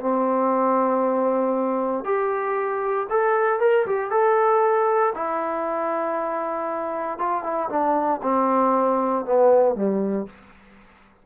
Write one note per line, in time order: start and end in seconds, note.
0.00 2.04 C4
2.04 3.07 G4
3.10 3.60 A4
3.60 3.86 A#4
3.86 4.11 G4
4.11 5.13 A4
5.15 7.18 E4
7.18 7.43 F4
7.43 7.69 E4
7.69 8.21 D4
8.23 9.25 C4
9.25 9.75 B3
9.75 10.26 G3